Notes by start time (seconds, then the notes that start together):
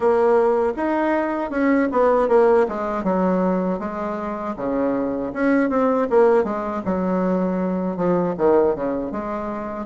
0.00 A#3
0.76 D#4
1.50 C#4
1.91 B3
2.28 A#3
2.68 G#3
3.03 F#3
3.79 G#3
4.56 C#3
5.33 C#4
5.69 C4
6.10 A#3
6.43 G#3
6.85 F#3
7.96 F3
8.37 D#3
8.75 C#3
9.11 G#3